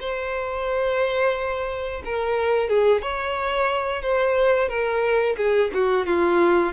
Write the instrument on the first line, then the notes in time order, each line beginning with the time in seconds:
violin
0.00 C5
2.05 A#4
2.68 G#4
3.02 C#5
4.01 C5
4.68 A#4
5.37 G#4
5.74 F#4
6.06 F4